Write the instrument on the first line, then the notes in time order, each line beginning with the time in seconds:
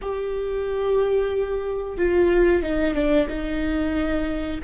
viola
0.01 G4
1.97 F4
2.62 D#4
2.94 D4
3.28 D#4